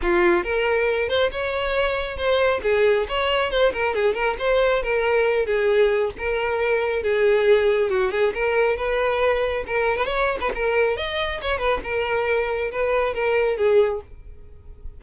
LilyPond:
\new Staff \with { instrumentName = "violin" } { \time 4/4 \tempo 4 = 137 f'4 ais'4. c''8 cis''4~ | cis''4 c''4 gis'4 cis''4 | c''8 ais'8 gis'8 ais'8 c''4 ais'4~ | ais'8 gis'4. ais'2 |
gis'2 fis'8 gis'8 ais'4 | b'2 ais'8. b'16 cis''8. b'16 | ais'4 dis''4 cis''8 b'8 ais'4~ | ais'4 b'4 ais'4 gis'4 | }